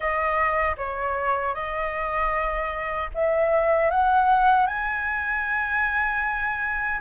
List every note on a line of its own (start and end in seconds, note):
0.00 0.76 D#5
0.77 1.54 C#5
1.54 3.10 D#5
3.14 3.90 E5
3.90 4.66 F#5
4.66 7.00 G#5